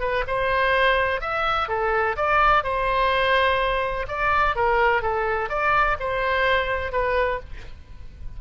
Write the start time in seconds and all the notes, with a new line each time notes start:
0.00 B4
0.27 C5
1.21 E5
1.68 A4
2.16 D5
2.63 C5
4.08 D5
4.55 A#4
5.02 A4
5.49 D5
5.99 C5
6.92 B4